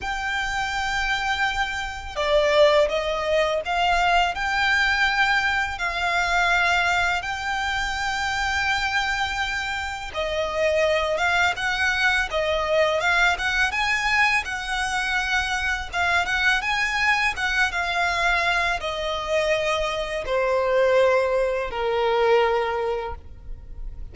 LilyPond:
\new Staff \with { instrumentName = "violin" } { \time 4/4 \tempo 4 = 83 g''2. d''4 | dis''4 f''4 g''2 | f''2 g''2~ | g''2 dis''4. f''8 |
fis''4 dis''4 f''8 fis''8 gis''4 | fis''2 f''8 fis''8 gis''4 | fis''8 f''4. dis''2 | c''2 ais'2 | }